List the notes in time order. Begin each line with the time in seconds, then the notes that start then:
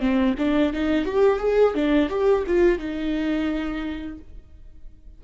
0.00 C4
0.38 D4
0.73 D#4
1.05 G4
1.40 G#4
1.75 D4
2.10 G4
2.47 F4
2.79 D#4